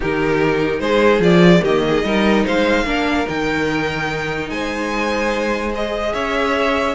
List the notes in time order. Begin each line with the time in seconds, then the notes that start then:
0.00 D#3 D#4 G4 A#4
0.79 G#3 G#4 C5
1.19 F3 F4 D5
1.61 D#3 A#3 G4 D#5
1.87 G#4
2.03 G3 D#4 A#4
2.44 G#3 C5 F5
2.84 A#3 D4 A#4
3.26 D#3 D#4 G5
4.49 G#3 C5 G#5
5.72 G#4 D#5
6.13 C#4 C#5 E5